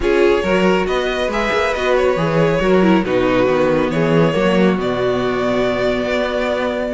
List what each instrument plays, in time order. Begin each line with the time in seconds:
0.00 cello C#4, viola F4, violin G#4 C#5
0.42 cello F#3, viola F#4, violin A#4
0.86 cello B3, violin B4 D#5
1.27 cello G#3, viola G#4, violin E5
1.52 cello A#3
1.73 cello B3, viola F#4, violin D#5
1.96 violin C#5
2.16 cello E3, viola G#4
2.60 cello F#3, viola F#4, violin A#4
2.82 viola E4
3.04 cello B2, viola D#4, violin F#4 B4
3.46 cello D#3, viola B3
3.90 cello E3, violin G#4 C#5
4.32 cello F#3, viola A#3, violin F#4
4.77 cello B2, viola B3, violin D5
6.05 cello B3